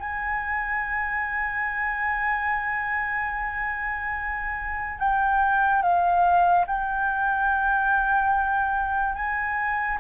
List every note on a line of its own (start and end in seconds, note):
0.00 4.99 G#5
4.99 5.83 G5
5.83 6.66 F5
6.67 9.15 G5
9.15 9.98 G#5